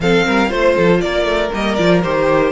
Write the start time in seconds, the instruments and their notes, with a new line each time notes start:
0.00 cello F3, viola C4, violin A4 F5
0.26 cello G3, violin A#4
0.48 cello A3, viola F4, violin C5
0.74 cello F3, violin A4
1.01 cello A#3, violin A#4 D5
1.24 cello A3
1.52 cello G3, viola A#3, violin D#5
1.75 cello F3, viola F4, violin D5
2.03 cello D#3, viola G4, violin C5